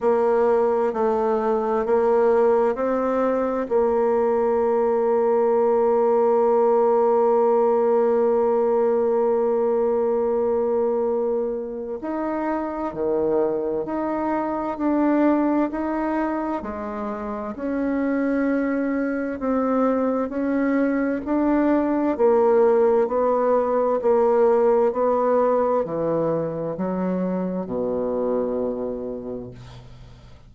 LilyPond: \new Staff \with { instrumentName = "bassoon" } { \time 4/4 \tempo 4 = 65 ais4 a4 ais4 c'4 | ais1~ | ais1~ | ais4 dis'4 dis4 dis'4 |
d'4 dis'4 gis4 cis'4~ | cis'4 c'4 cis'4 d'4 | ais4 b4 ais4 b4 | e4 fis4 b,2 | }